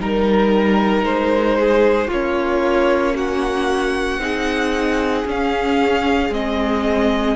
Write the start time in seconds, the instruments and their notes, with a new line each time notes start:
0.00 cello G3, viola D#4, violin A#4
1.04 cello G#3, violin C5
1.60 violin G#4
2.08 cello A#3, viola C#4, violin F4 C#5
3.16 violin F#4 F#5
4.19 cello C4, viola D#4, violin G#4
5.25 cello C#4, viola C#4, violin F5
6.30 cello G#3, viola C4, violin D#5